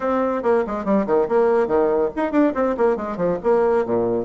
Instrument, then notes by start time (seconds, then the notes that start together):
bassoon
0.00 C4
0.43 A#3
0.67 G#3
0.84 G3
1.06 D#3
1.28 A#3
1.67 D#3
2.16 D#4
2.31 D4
2.54 C4
2.77 A#3
2.96 G#3
3.16 F3
3.43 A#3
3.85 A#2